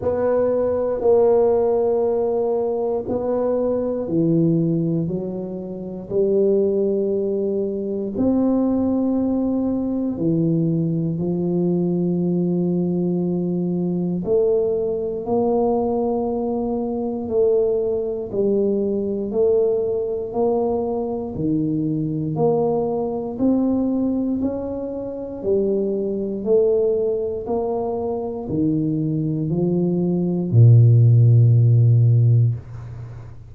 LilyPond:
\new Staff \with { instrumentName = "tuba" } { \time 4/4 \tempo 4 = 59 b4 ais2 b4 | e4 fis4 g2 | c'2 e4 f4~ | f2 a4 ais4~ |
ais4 a4 g4 a4 | ais4 dis4 ais4 c'4 | cis'4 g4 a4 ais4 | dis4 f4 ais,2 | }